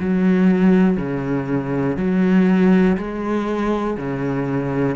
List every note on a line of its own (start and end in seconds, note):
0.00 0.97 F#3
0.97 1.97 C#3
1.97 2.97 F#3
2.97 3.97 G#3
3.98 4.96 C#3